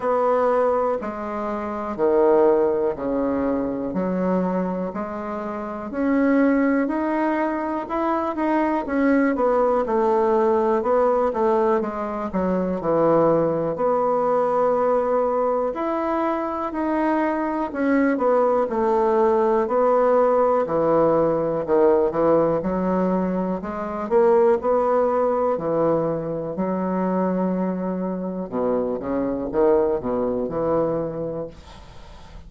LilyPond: \new Staff \with { instrumentName = "bassoon" } { \time 4/4 \tempo 4 = 61 b4 gis4 dis4 cis4 | fis4 gis4 cis'4 dis'4 | e'8 dis'8 cis'8 b8 a4 b8 a8 | gis8 fis8 e4 b2 |
e'4 dis'4 cis'8 b8 a4 | b4 e4 dis8 e8 fis4 | gis8 ais8 b4 e4 fis4~ | fis4 b,8 cis8 dis8 b,8 e4 | }